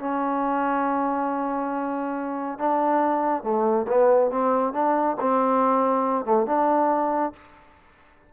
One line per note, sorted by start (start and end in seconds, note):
0.00 2.59 C#4
2.59 3.43 D4
3.43 3.87 A3
3.88 4.31 B3
4.31 4.73 C4
4.73 5.17 D4
5.21 6.26 C4
6.26 6.47 A3
6.47 7.33 D4